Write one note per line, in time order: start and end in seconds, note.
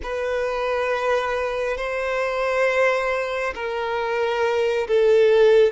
0.02 1.76 B4
1.76 3.53 C5
3.55 4.87 A#4
4.87 5.72 A4